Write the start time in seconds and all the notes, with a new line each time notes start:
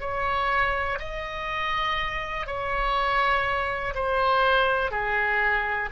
0.00 C#5
0.99 D#5
2.46 C#5
3.95 C5
4.91 G#4